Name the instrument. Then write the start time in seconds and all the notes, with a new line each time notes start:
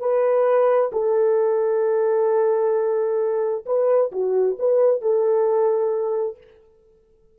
horn
0.00 B4
0.93 A4
3.66 B4
4.12 F#4
4.59 B4
5.01 A4